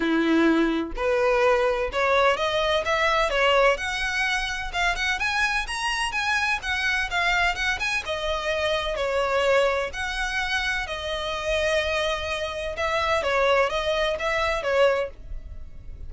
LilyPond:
\new Staff \with { instrumentName = "violin" } { \time 4/4 \tempo 4 = 127 e'2 b'2 | cis''4 dis''4 e''4 cis''4 | fis''2 f''8 fis''8 gis''4 | ais''4 gis''4 fis''4 f''4 |
fis''8 gis''8 dis''2 cis''4~ | cis''4 fis''2 dis''4~ | dis''2. e''4 | cis''4 dis''4 e''4 cis''4 | }